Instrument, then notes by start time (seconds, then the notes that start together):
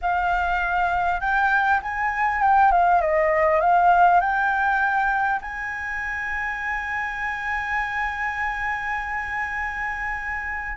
flute
0.01 F5
1.20 G5
1.82 G#5
2.42 G5
2.71 F5
3.01 D#5
3.60 F5
4.20 G5
5.41 G#5